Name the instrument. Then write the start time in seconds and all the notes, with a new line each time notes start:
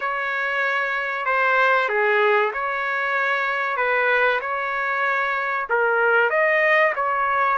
trumpet
0.00 C#5
1.25 C5
1.88 G#4
2.53 C#5
3.76 B4
4.40 C#5
5.69 A#4
6.30 D#5
6.95 C#5